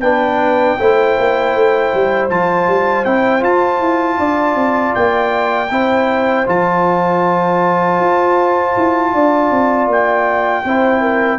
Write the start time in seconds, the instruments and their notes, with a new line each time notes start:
0.00 tuba B3, trombone D4, horn B4, trumpet G5
0.78 tuba A3, trombone E4, horn C5
1.18 tuba A#3
1.54 tuba A3
1.94 tuba G3
2.29 tuba F3, trombone F4, trumpet A5
2.67 tuba G3
3.04 tuba C4, trombone E4, trumpet G5
3.39 trombone F4, tuba F4, trumpet A5
3.80 tuba E4
4.18 tuba D4, horn D5
4.55 tuba C4
4.95 tuba A#3, trumpet G5
5.70 tuba C4, trombone E4, horn C5
6.46 tuba F3, trombone F4, trumpet A5
7.99 tuba F4
8.77 tuba E4
9.13 tuba D4, horn D5
9.51 tuba C4
9.87 tuba A#3, trumpet G5
10.64 tuba C4, trombone E4, horn C5
11.01 horn A#4